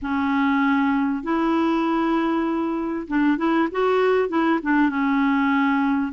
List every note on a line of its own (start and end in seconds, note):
0.01 1.23 C#4
1.23 3.07 E4
3.07 3.37 D4
3.37 3.68 E4
3.71 4.29 F#4
4.29 4.59 E4
4.62 4.89 D4
4.89 6.11 C#4